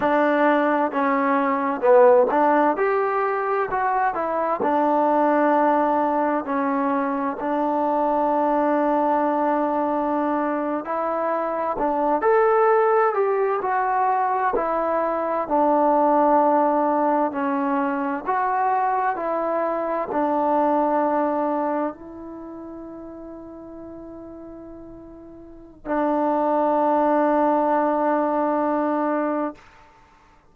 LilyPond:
\new Staff \with { instrumentName = "trombone" } { \time 4/4 \tempo 4 = 65 d'4 cis'4 b8 d'8 g'4 | fis'8 e'8 d'2 cis'4 | d'2.~ d'8. e'16~ | e'8. d'8 a'4 g'8 fis'4 e'16~ |
e'8. d'2 cis'4 fis'16~ | fis'8. e'4 d'2 e'16~ | e'1 | d'1 | }